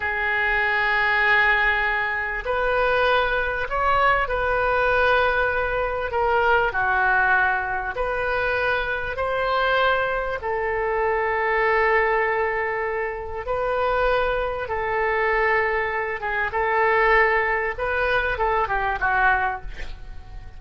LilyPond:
\new Staff \with { instrumentName = "oboe" } { \time 4/4 \tempo 4 = 98 gis'1 | b'2 cis''4 b'4~ | b'2 ais'4 fis'4~ | fis'4 b'2 c''4~ |
c''4 a'2.~ | a'2 b'2 | a'2~ a'8 gis'8 a'4~ | a'4 b'4 a'8 g'8 fis'4 | }